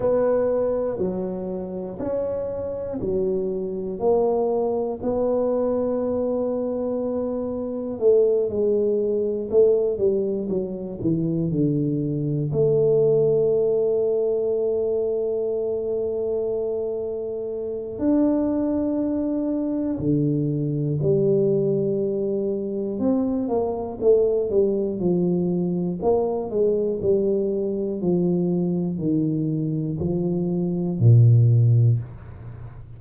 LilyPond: \new Staff \with { instrumentName = "tuba" } { \time 4/4 \tempo 4 = 60 b4 fis4 cis'4 fis4 | ais4 b2. | a8 gis4 a8 g8 fis8 e8 d8~ | d8 a2.~ a8~ |
a2 d'2 | d4 g2 c'8 ais8 | a8 g8 f4 ais8 gis8 g4 | f4 dis4 f4 ais,4 | }